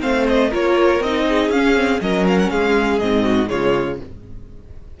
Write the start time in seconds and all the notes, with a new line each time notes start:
0.00 A3 C4 C5 F5
0.28 D#5
0.49 A#3 F4 A#4 C#5
1.00 C4 D#4 D#5
1.28 G#4
1.48 C#4 F5
1.75 C4
2.00 F#3 C#4 A#4 D#5
2.27 F5
2.38 F#5
2.49 G#3 G#4 F5
2.98 G#2 C4 D#5
3.24 F#4
3.46 C#3 G#3 F4 C#5